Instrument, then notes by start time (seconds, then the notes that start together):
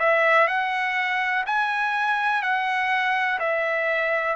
trumpet
0.00 E5
0.48 F#5
1.46 G#5
2.42 F#5
3.40 E5